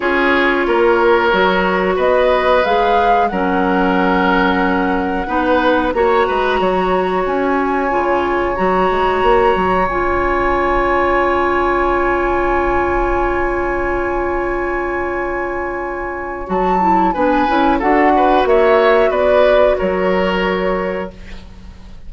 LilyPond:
<<
  \new Staff \with { instrumentName = "flute" } { \time 4/4 \tempo 4 = 91 cis''2. dis''4 | f''4 fis''2.~ | fis''4 ais''2 gis''4~ | gis''4 ais''2 gis''4~ |
gis''1~ | gis''1~ | gis''4 a''4 gis''4 fis''4 | e''4 d''4 cis''2 | }
  \new Staff \with { instrumentName = "oboe" } { \time 4/4 gis'4 ais'2 b'4~ | b'4 ais'2. | b'4 cis''8 b'8 cis''2~ | cis''1~ |
cis''1~ | cis''1~ | cis''2 b'4 a'8 b'8 | cis''4 b'4 ais'2 | }
  \new Staff \with { instrumentName = "clarinet" } { \time 4/4 f'2 fis'2 | gis'4 cis'2. | dis'4 fis'2. | f'4 fis'2 f'4~ |
f'1~ | f'1~ | f'4 fis'8 e'8 d'8 e'8 fis'4~ | fis'1 | }
  \new Staff \with { instrumentName = "bassoon" } { \time 4/4 cis'4 ais4 fis4 b4 | gis4 fis2. | b4 ais8 gis8 fis4 cis'4 | cis4 fis8 gis8 ais8 fis8 cis'4~ |
cis'1~ | cis'1~ | cis'4 fis4 b8 cis'8 d'4 | ais4 b4 fis2 | }
>>